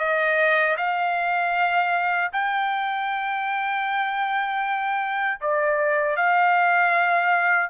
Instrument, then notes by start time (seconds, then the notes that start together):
trumpet
0.00 D#5
0.78 F5
2.33 G5
5.41 D5
6.17 F5